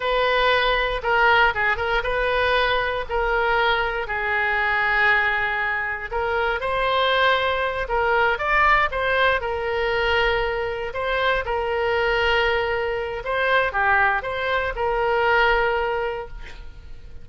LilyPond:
\new Staff \with { instrumentName = "oboe" } { \time 4/4 \tempo 4 = 118 b'2 ais'4 gis'8 ais'8 | b'2 ais'2 | gis'1 | ais'4 c''2~ c''8 ais'8~ |
ais'8 d''4 c''4 ais'4.~ | ais'4. c''4 ais'4.~ | ais'2 c''4 g'4 | c''4 ais'2. | }